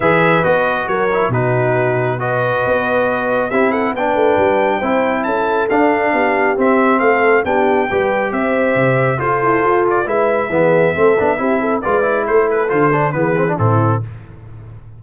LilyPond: <<
  \new Staff \with { instrumentName = "trumpet" } { \time 4/4 \tempo 4 = 137 e''4 dis''4 cis''4 b'4~ | b'4 dis''2. | e''8 fis''8 g''2. | a''4 f''2 e''4 |
f''4 g''2 e''4~ | e''4 c''4. d''8 e''4~ | e''2. d''4 | c''8 b'8 c''4 b'4 a'4 | }
  \new Staff \with { instrumentName = "horn" } { \time 4/4 b'2 ais'4 fis'4~ | fis'4 b'2. | g'8 a'8 b'2 c''4 | a'2 g'2 |
a'4 g'4 b'4 c''4~ | c''4 a'2 b'4 | gis'4 a'4 g'8 a'8 b'4 | a'2 gis'4 e'4 | }
  \new Staff \with { instrumentName = "trombone" } { \time 4/4 gis'4 fis'4. e'8 dis'4~ | dis'4 fis'2. | e'4 d'2 e'4~ | e'4 d'2 c'4~ |
c'4 d'4 g'2~ | g'4 f'2 e'4 | b4 c'8 d'8 e'4 f'8 e'8~ | e'4 f'8 d'8 b8 c'16 d'16 c'4 | }
  \new Staff \with { instrumentName = "tuba" } { \time 4/4 e4 b4 fis4 b,4~ | b,2 b2 | c'4 b8 a8 g4 c'4 | cis'4 d'4 b4 c'4 |
a4 b4 g4 c'4 | c4 f'8 e'8 f'4 gis4 | e4 a8 b8 c'4 gis4 | a4 d4 e4 a,4 | }
>>